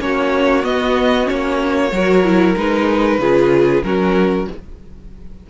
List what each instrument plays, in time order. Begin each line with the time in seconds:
0.00 cello A#3, viola C#4, violin F#4 C#5
0.63 viola B3, cello B3, violin D#5
1.24 viola C#4, violin C#5
1.31 cello A#3
1.92 cello F#3, viola F#4, violin A#4
2.24 viola E4
2.56 cello G#3, viola D#4, violin B4
3.19 cello C#3, viola F4, violin G#4
3.83 cello F#3, viola C#4, violin F#4 A#4